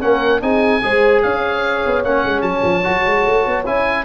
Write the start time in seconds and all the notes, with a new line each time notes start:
0.00 A#3 C#4 A#4 F#5
0.41 C4 D#4 G#4 G#5
0.82 G#3 G#4 C5
1.22 C#4 C#5 F5
1.86 B3
2.04 A#3 C#4 F#5
2.24 G#3
2.41 F#3 A5
2.63 F3
2.83 F#3 F#4
3.05 G#3
3.25 A3
3.46 B3
3.65 C#4 E4 G#5